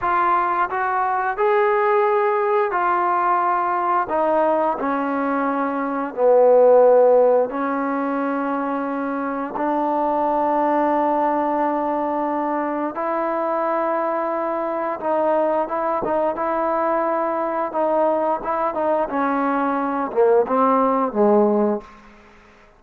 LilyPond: \new Staff \with { instrumentName = "trombone" } { \time 4/4 \tempo 4 = 88 f'4 fis'4 gis'2 | f'2 dis'4 cis'4~ | cis'4 b2 cis'4~ | cis'2 d'2~ |
d'2. e'4~ | e'2 dis'4 e'8 dis'8 | e'2 dis'4 e'8 dis'8 | cis'4. ais8 c'4 gis4 | }